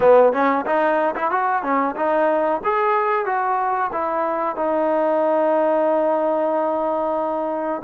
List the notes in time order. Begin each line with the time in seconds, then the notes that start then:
0.00 B3
0.32 C#4
0.66 D#4
1.15 E4
1.30 F#4
1.62 C#4
1.96 D#4
2.64 G#4
3.25 F#4
3.92 E4
4.55 D#4